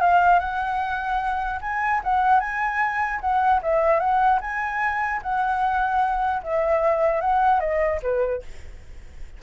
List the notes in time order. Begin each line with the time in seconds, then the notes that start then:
0.00 F5
0.39 F#5
1.61 G#5
2.03 F#5
2.39 G#5
3.20 F#5
3.62 E5
3.99 F#5
4.41 G#5
5.22 F#5
6.43 E5
7.21 F#5
7.60 D#5
8.02 B4